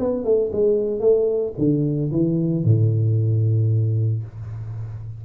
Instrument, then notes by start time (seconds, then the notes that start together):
tuba
0.00 B3
0.25 A3
0.53 G#3
1.01 A3
1.59 D3
2.12 E3
2.65 A2